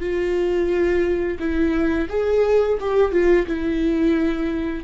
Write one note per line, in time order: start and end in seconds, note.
0.00 1.38 F4
1.39 2.08 E4
2.09 2.78 G#4
2.80 3.12 G4
3.12 3.46 F4
3.47 4.84 E4